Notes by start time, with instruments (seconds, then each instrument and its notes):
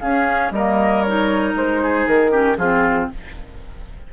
0.00 bassoon C#4, clarinet C#4, oboe G#4, flute F5
0.51 bassoon G3, clarinet A#3, oboe A#4, flute D#5
1.02 clarinet D#4, flute C#5
1.55 bassoon G#3, flute C5
1.83 oboe G#4
2.07 bassoon D#3, flute A#4
2.31 clarinet C#4, oboe G4
2.57 bassoon F3, clarinet C4, oboe F4, flute G#4